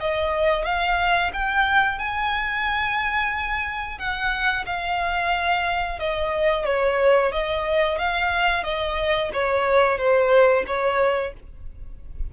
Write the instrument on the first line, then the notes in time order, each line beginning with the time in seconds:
violin
0.00 D#5
0.65 F5
1.33 G5
1.98 G#5
3.98 F#5
4.66 F5
5.99 D#5
6.65 C#5
7.32 D#5
7.98 F5
8.63 D#5
9.33 C#5
9.98 C5
10.67 C#5